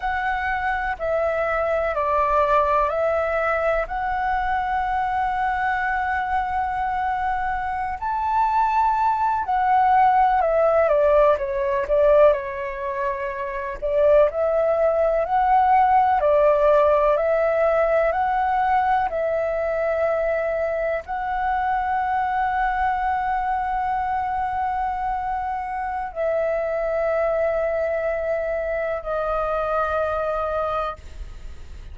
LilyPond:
\new Staff \with { instrumentName = "flute" } { \time 4/4 \tempo 4 = 62 fis''4 e''4 d''4 e''4 | fis''1~ | fis''16 a''4. fis''4 e''8 d''8 cis''16~ | cis''16 d''8 cis''4. d''8 e''4 fis''16~ |
fis''8. d''4 e''4 fis''4 e''16~ | e''4.~ e''16 fis''2~ fis''16~ | fis''2. e''4~ | e''2 dis''2 | }